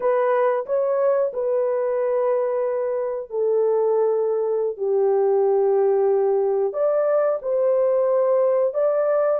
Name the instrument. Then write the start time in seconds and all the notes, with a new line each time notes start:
horn
0.00 B4
0.66 C#5
1.33 B4
3.30 A4
4.77 G4
6.73 D5
7.42 C5
8.74 D5